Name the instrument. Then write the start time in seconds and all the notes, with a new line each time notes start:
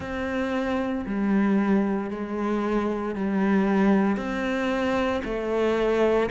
cello
0.00 C4
1.05 G3
2.10 G#3
3.15 G3
4.16 C4
5.24 A3